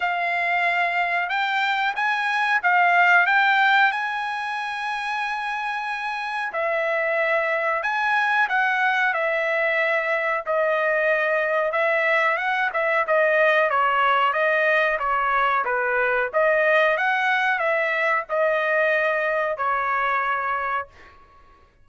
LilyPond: \new Staff \with { instrumentName = "trumpet" } { \time 4/4 \tempo 4 = 92 f''2 g''4 gis''4 | f''4 g''4 gis''2~ | gis''2 e''2 | gis''4 fis''4 e''2 |
dis''2 e''4 fis''8 e''8 | dis''4 cis''4 dis''4 cis''4 | b'4 dis''4 fis''4 e''4 | dis''2 cis''2 | }